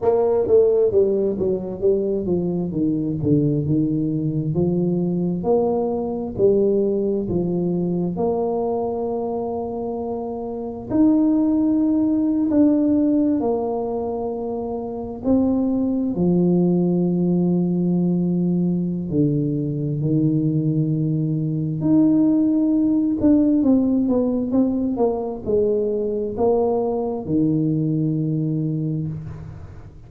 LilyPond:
\new Staff \with { instrumentName = "tuba" } { \time 4/4 \tempo 4 = 66 ais8 a8 g8 fis8 g8 f8 dis8 d8 | dis4 f4 ais4 g4 | f4 ais2. | dis'4.~ dis'16 d'4 ais4~ ais16~ |
ais8. c'4 f2~ f16~ | f4 d4 dis2 | dis'4. d'8 c'8 b8 c'8 ais8 | gis4 ais4 dis2 | }